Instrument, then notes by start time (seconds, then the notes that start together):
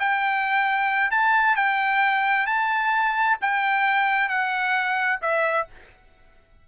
trumpet
0.00 G5
1.11 A5
1.56 G5
2.47 A5
3.42 G5
4.29 F#5
5.22 E5